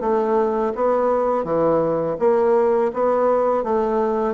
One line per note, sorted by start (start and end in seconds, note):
0.00 0.72 A3
0.75 1.44 B3
1.44 2.16 E3
2.19 2.91 A#3
2.93 3.63 B3
3.63 4.34 A3